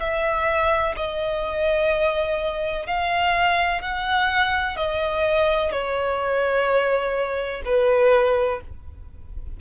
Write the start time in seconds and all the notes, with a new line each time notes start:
0.00 E5
0.97 D#5
2.87 F5
3.82 F#5
4.77 D#5
5.72 C#5
7.66 B4